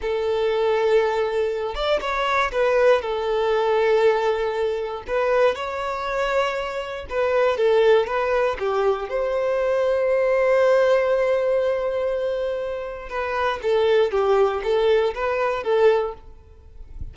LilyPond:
\new Staff \with { instrumentName = "violin" } { \time 4/4 \tempo 4 = 119 a'2.~ a'8 d''8 | cis''4 b'4 a'2~ | a'2 b'4 cis''4~ | cis''2 b'4 a'4 |
b'4 g'4 c''2~ | c''1~ | c''2 b'4 a'4 | g'4 a'4 b'4 a'4 | }